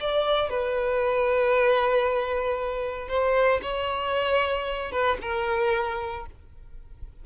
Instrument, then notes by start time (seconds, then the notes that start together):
violin
0.00 D5
0.50 B4
3.09 C5
3.62 C#5
4.92 B4
5.22 A#4